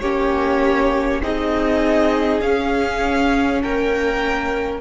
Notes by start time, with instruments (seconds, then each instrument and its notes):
0.00 cello A#3, viola C#4, violin G4 C#5
1.22 cello C4, viola D#4, violin G#4 D#5
2.41 viola C#4, cello C#4, violin F5
3.62 cello A#3, violin A#4 G5